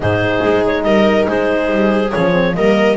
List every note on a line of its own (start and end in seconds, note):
0.00 0.39 G#2
0.00 2.09 D#4
0.00 0.85 G#4
0.00 0.65 C5
0.44 0.84 G#3
0.66 0.83 C#5
0.83 1.26 G3
0.83 1.28 A#4
0.83 1.25 D#5
1.28 1.70 G#3
1.28 2.55 G#4
1.28 2.12 C5
1.70 2.12 G3
2.12 2.56 F3
2.12 2.32 C#4
2.12 2.54 C#5
2.32 2.53 C4
2.54 2.96 G3
2.54 2.96 A#3
2.54 2.96 A#4
2.54 2.96 D#5